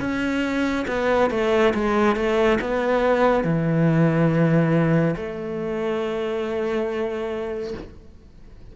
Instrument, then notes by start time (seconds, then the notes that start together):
cello
0.00 C#4
0.88 B3
1.31 A3
1.74 G#3
2.16 A3
2.61 B3
3.44 E3
5.17 A3